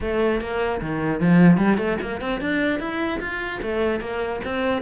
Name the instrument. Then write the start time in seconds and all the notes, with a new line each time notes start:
cello
0.00 A3
0.40 A#3
0.81 D#3
1.20 F3
1.57 G3
1.77 A3
2.01 A#3
2.20 C4
2.40 D4
2.79 E4
3.20 F4
3.62 A3
4.00 A#3
4.44 C4